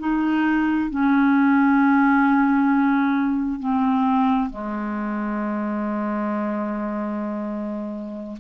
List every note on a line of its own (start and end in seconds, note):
0.00 0.90 D#4
0.90 3.60 C#4
3.60 4.50 C4
4.50 8.37 G#3